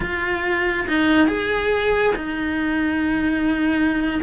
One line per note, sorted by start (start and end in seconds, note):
0.00 0.86 F4
0.88 1.27 D#4
1.27 2.13 G#4
2.15 4.20 D#4